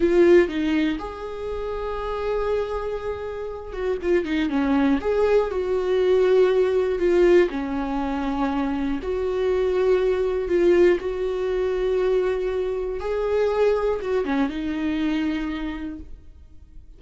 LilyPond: \new Staff \with { instrumentName = "viola" } { \time 4/4 \tempo 4 = 120 f'4 dis'4 gis'2~ | gis'2.~ gis'8 fis'8 | f'8 dis'8 cis'4 gis'4 fis'4~ | fis'2 f'4 cis'4~ |
cis'2 fis'2~ | fis'4 f'4 fis'2~ | fis'2 gis'2 | fis'8 cis'8 dis'2. | }